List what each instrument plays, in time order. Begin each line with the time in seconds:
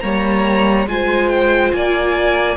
0.00 cello G3, viola A#3, violin C#5 A#5
0.87 cello G#3, viola F4, violin C5 G#5
1.29 violin G5
1.72 cello A#3, violin D5 G#5